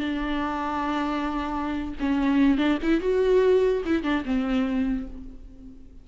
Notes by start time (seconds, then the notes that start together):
0.00 D4
2.00 C#4
2.58 D4
2.83 E4
3.01 F#4
3.86 E4
4.03 D4
4.25 C4